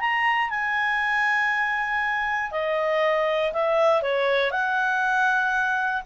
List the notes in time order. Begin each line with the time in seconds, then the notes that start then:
0.00 A#5
0.50 G#5
2.52 D#5
3.53 E5
4.02 C#5
4.51 F#5